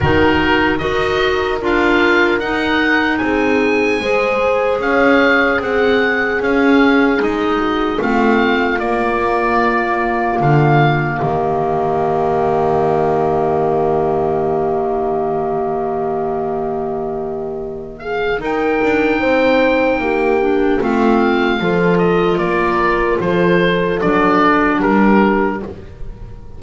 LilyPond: <<
  \new Staff \with { instrumentName = "oboe" } { \time 4/4 \tempo 4 = 75 ais'4 dis''4 f''4 fis''4 | gis''2 f''4 fis''4 | f''4 dis''4 f''4 d''4~ | d''4 f''4 dis''2~ |
dis''1~ | dis''2~ dis''8 f''8 g''4~ | g''2 f''4. dis''8 | d''4 c''4 d''4 ais'4 | }
  \new Staff \with { instrumentName = "horn" } { \time 4/4 fis'4 ais'2. | gis'4 c''4 cis''4 gis'4~ | gis'4. fis'8 f'2~ | f'2 g'2~ |
g'1~ | g'2~ g'8 gis'8 ais'4 | c''4 g'4 f'4 a'4 | ais'4 a'2 g'4 | }
  \new Staff \with { instrumentName = "clarinet" } { \time 4/4 dis'4 fis'4 f'4 dis'4~ | dis'4 gis'2. | cis'4 dis'4 c'4 ais4~ | ais1~ |
ais1~ | ais2. dis'4~ | dis'4. d'8 c'4 f'4~ | f'2 d'2 | }
  \new Staff \with { instrumentName = "double bass" } { \time 4/4 dis4 dis'4 d'4 dis'4 | c'4 gis4 cis'4 c'4 | cis'4 gis4 a4 ais4~ | ais4 d4 dis2~ |
dis1~ | dis2. dis'8 d'8 | c'4 ais4 a4 f4 | ais4 f4 fis4 g4 | }
>>